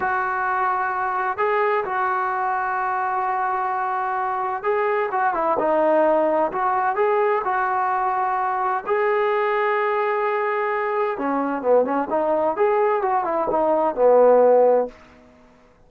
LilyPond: \new Staff \with { instrumentName = "trombone" } { \time 4/4 \tempo 4 = 129 fis'2. gis'4 | fis'1~ | fis'2 gis'4 fis'8 e'8 | dis'2 fis'4 gis'4 |
fis'2. gis'4~ | gis'1 | cis'4 b8 cis'8 dis'4 gis'4 | fis'8 e'8 dis'4 b2 | }